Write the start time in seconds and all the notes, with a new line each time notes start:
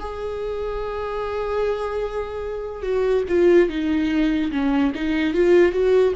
0.00 G#4
2.83 F#4
3.29 F4
3.69 D#4
4.52 C#4
4.95 D#4
5.34 F4
5.73 F#4